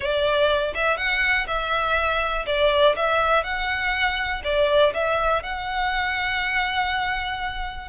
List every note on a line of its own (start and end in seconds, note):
0.00 0.74 D5
0.74 0.97 E5
0.97 1.46 F#5
1.47 2.45 E5
2.46 2.95 D5
2.96 3.43 E5
3.43 4.42 F#5
4.44 4.93 D5
4.93 5.42 E5
5.42 7.88 F#5